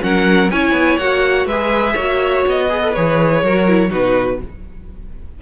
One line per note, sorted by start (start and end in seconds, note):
0.00 0.51 F#3
0.00 0.49 C#4
0.00 0.51 A#4
0.00 0.51 F#5
0.51 0.72 C#4
0.51 1.00 E4
0.51 1.47 C#5
0.51 0.98 G#5
0.72 0.96 B3
0.98 1.46 A#3
0.98 1.49 F#4
0.98 1.46 F#5
1.46 1.94 G#3
1.46 1.98 G#4
1.46 1.93 B4
1.46 2.45 E5
1.93 2.45 A#3
1.93 2.69 F#4
1.93 2.66 C#5
2.47 2.96 B3
2.47 2.93 D#5
2.69 2.82 G#4
2.69 3.44 B4
2.82 2.94 A4
2.93 3.42 E3
2.93 3.45 G#4
2.93 3.91 C#5
3.42 3.91 F#3
3.42 3.68 F#4
3.42 3.90 A#4
3.68 3.90 E4
3.90 4.42 B2
3.90 4.38 D#4
3.90 4.38 F#4
3.90 4.41 B4